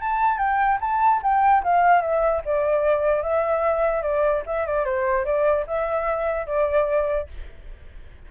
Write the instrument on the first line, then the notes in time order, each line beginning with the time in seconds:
flute
0.00 A5
0.38 G5
0.81 A5
1.22 G5
1.63 F5
2.01 E5
2.45 D5
3.22 E5
4.02 D5
4.46 E5
4.67 D5
4.85 C5
5.25 D5
5.67 E5
6.46 D5